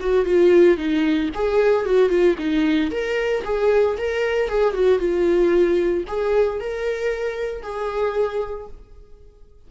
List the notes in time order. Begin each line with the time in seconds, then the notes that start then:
0.00 F#4
0.25 F4
0.77 D#4
1.34 G#4
1.85 F#4
2.09 F4
2.38 D#4
2.91 A#4
3.44 G#4
3.97 A#4
4.48 G#4
4.73 F#4
4.99 F4
6.07 G#4
6.60 A#4
7.62 G#4